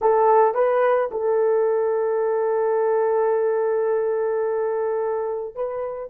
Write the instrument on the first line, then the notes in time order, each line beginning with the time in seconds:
horn
0.01 A4
0.54 B4
1.11 A4
5.55 B4